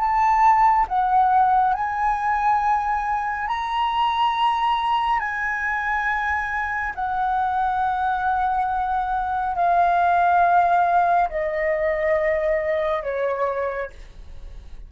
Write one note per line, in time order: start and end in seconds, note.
0.00 0.87 A5
0.89 1.74 F#5
1.74 3.48 G#5
3.48 5.20 A#5
5.20 6.94 G#5
6.96 9.56 F#5
9.56 11.30 F5
11.30 13.04 D#5
13.04 13.91 C#5